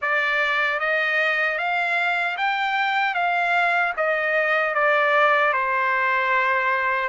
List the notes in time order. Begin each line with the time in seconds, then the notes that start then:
0.01 D5
0.79 D#5
1.58 F5
2.37 G5
3.14 F5
3.96 D#5
4.74 D5
5.53 C5